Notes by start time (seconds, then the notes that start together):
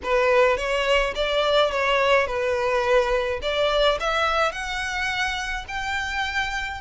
0.03 B4
0.57 C#5
1.15 D5
1.71 C#5
2.26 B4
3.41 D5
3.99 E5
4.52 F#5
5.68 G5